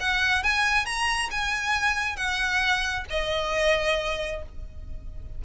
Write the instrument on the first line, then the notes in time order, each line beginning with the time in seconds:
violin
0.00 F#5
0.43 G#5
0.85 A#5
1.31 G#5
2.16 F#5
3.10 D#5